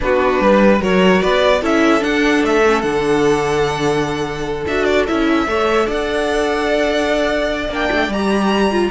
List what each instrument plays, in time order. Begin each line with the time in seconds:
0.00 cello B3, viola D4, violin F#4 B4
0.39 cello G3, violin B4
0.80 cello F#3, viola F#4, violin A#4 C#5
1.21 cello B3, violin B4 D5
1.61 cello C#4, viola E4, violin A4 E5
2.00 viola D4, cello D4, violin F#5
2.43 cello A3, violin E5
2.66 viola C#4
2.81 cello D3, viola D4, violin F#5
4.67 cello D4, viola F#4, violin E5
4.84 violin D5
5.07 cello C#4, viola E4, violin E5
5.46 cello A3, viola A4, violin C#5
5.86 cello D4, violin D5 F#5
7.69 cello A#3, viola D4, violin G5
7.92 cello A3
8.08 cello G3, viola G4, violin A#5
8.71 viola F4